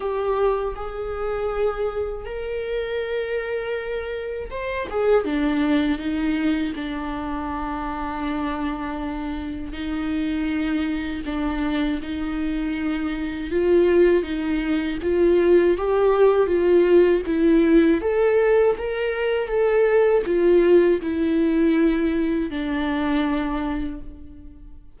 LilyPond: \new Staff \with { instrumentName = "viola" } { \time 4/4 \tempo 4 = 80 g'4 gis'2 ais'4~ | ais'2 c''8 gis'8 d'4 | dis'4 d'2.~ | d'4 dis'2 d'4 |
dis'2 f'4 dis'4 | f'4 g'4 f'4 e'4 | a'4 ais'4 a'4 f'4 | e'2 d'2 | }